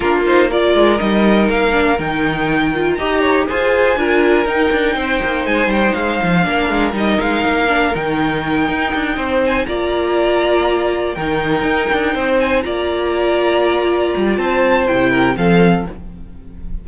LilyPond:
<<
  \new Staff \with { instrumentName = "violin" } { \time 4/4 \tempo 4 = 121 ais'8 c''8 d''4 dis''4 f''4 | g''2 ais''4 gis''4~ | gis''4 g''2 gis''8 g''8 | f''2 dis''8 f''4. |
g''2. gis''8 ais''8~ | ais''2~ ais''8 g''4.~ | g''4 gis''8 ais''2~ ais''8~ | ais''4 a''4 g''4 f''4 | }
  \new Staff \with { instrumentName = "violin" } { \time 4/4 f'4 ais'2.~ | ais'2 dis''8 cis''8 c''4 | ais'2 c''2~ | c''4 ais'2.~ |
ais'2~ ais'8 c''4 d''8~ | d''2~ d''8 ais'4.~ | ais'8 c''4 d''2~ d''8~ | d''4 c''4. ais'8 a'4 | }
  \new Staff \with { instrumentName = "viola" } { \time 4/4 d'8 dis'8 f'4 dis'4. d'8 | dis'4. f'8 g'4 gis'4 | f'4 dis'2.~ | dis'4 d'4 dis'4. d'8 |
dis'2.~ dis'8 f'8~ | f'2~ f'8 dis'4.~ | dis'4. f'2~ f'8~ | f'2 e'4 c'4 | }
  \new Staff \with { instrumentName = "cello" } { \time 4/4 ais4. gis8 g4 ais4 | dis2 dis'4 f'4 | d'4 dis'8 d'8 c'8 ais8 gis8 g8 | gis8 f8 ais8 gis8 g8 gis8 ais4 |
dis4. dis'8 d'8 c'4 ais8~ | ais2~ ais8 dis4 dis'8 | d'8 c'4 ais2~ ais8~ | ais8 g8 c'4 c4 f4 | }
>>